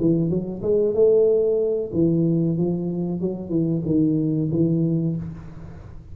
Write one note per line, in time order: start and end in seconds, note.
0.00 0.30 E3
0.30 0.62 F#3
0.62 0.94 G#3
0.94 1.91 A3
1.93 2.57 E3
2.57 3.21 F3
3.21 3.49 F#3
3.49 3.82 E3
3.85 4.50 D#3
4.51 5.16 E3